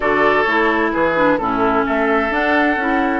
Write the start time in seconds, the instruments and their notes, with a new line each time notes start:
0.00 bassoon D3, clarinet F#4, oboe A4, flute D5
0.43 bassoon A3, clarinet E4, flute C#5
0.92 bassoon E3, oboe G#4, flute B4
1.15 clarinet D4
1.38 bassoon A2, clarinet C#4, oboe E4, flute A4
1.85 bassoon A3, oboe A4, flute E5
2.30 clarinet D4, bassoon D4, flute F#5
2.76 bassoon C#4, clarinet E4